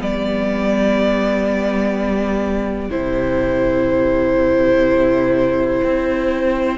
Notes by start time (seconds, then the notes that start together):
0.00 G3 B3 G4 D5
2.91 C3 E4 C5
5.84 C4